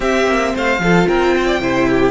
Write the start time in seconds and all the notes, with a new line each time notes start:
0.00 C4 G4 E5
0.26 A#3
0.54 A3 C5 F5
0.78 F3 F4 A4
1.07 C4 A#4 G5
1.36 C5
1.46 D5
1.59 C3 E4 C5
1.89 G4